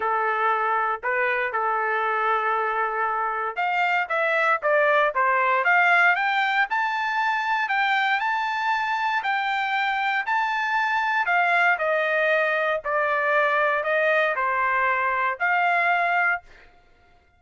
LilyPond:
\new Staff \with { instrumentName = "trumpet" } { \time 4/4 \tempo 4 = 117 a'2 b'4 a'4~ | a'2. f''4 | e''4 d''4 c''4 f''4 | g''4 a''2 g''4 |
a''2 g''2 | a''2 f''4 dis''4~ | dis''4 d''2 dis''4 | c''2 f''2 | }